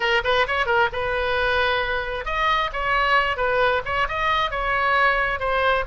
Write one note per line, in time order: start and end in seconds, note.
0.00 0.22 A#4
0.24 0.46 B4
0.47 0.66 C#5
0.66 0.88 A#4
0.92 2.25 B4
2.25 2.70 D#5
2.73 3.36 C#5
3.36 3.82 B4
3.85 4.07 C#5
4.08 4.51 D#5
4.51 5.39 C#5
5.39 5.84 C5